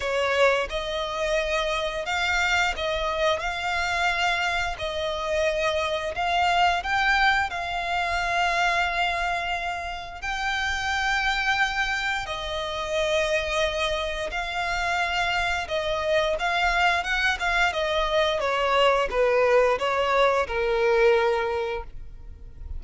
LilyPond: \new Staff \with { instrumentName = "violin" } { \time 4/4 \tempo 4 = 88 cis''4 dis''2 f''4 | dis''4 f''2 dis''4~ | dis''4 f''4 g''4 f''4~ | f''2. g''4~ |
g''2 dis''2~ | dis''4 f''2 dis''4 | f''4 fis''8 f''8 dis''4 cis''4 | b'4 cis''4 ais'2 | }